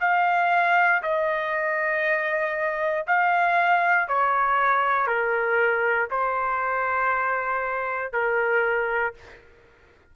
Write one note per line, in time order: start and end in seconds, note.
0.00 1.02 F5
1.02 3.06 D#5
3.07 4.08 F5
4.08 5.07 C#5
5.07 6.08 A#4
6.10 8.12 C5
8.12 9.14 A#4